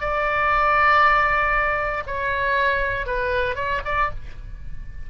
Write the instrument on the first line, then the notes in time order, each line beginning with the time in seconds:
oboe
0.00 D5
2.07 C#5
3.06 B4
3.55 C#5
3.85 D5